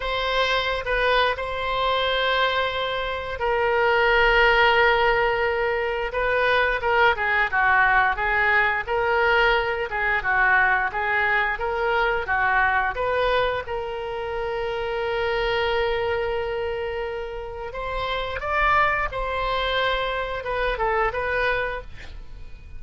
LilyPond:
\new Staff \with { instrumentName = "oboe" } { \time 4/4 \tempo 4 = 88 c''4~ c''16 b'8. c''2~ | c''4 ais'2.~ | ais'4 b'4 ais'8 gis'8 fis'4 | gis'4 ais'4. gis'8 fis'4 |
gis'4 ais'4 fis'4 b'4 | ais'1~ | ais'2 c''4 d''4 | c''2 b'8 a'8 b'4 | }